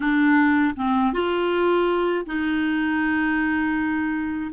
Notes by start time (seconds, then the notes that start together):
0.00 D4
0.76 C4
1.12 F4
2.26 D#4